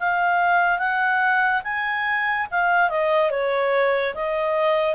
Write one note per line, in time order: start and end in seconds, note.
0.00 0.79 F5
0.79 1.62 F#5
1.64 2.47 G#5
2.51 2.89 F5
2.89 3.31 D#5
3.31 4.14 C#5
4.15 4.95 D#5